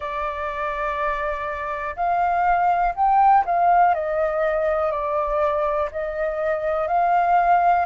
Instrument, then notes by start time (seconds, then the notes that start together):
flute
0.00 D5
1.96 F5
2.95 G5
3.45 F5
3.94 D#5
4.91 D5
5.91 D#5
6.87 F5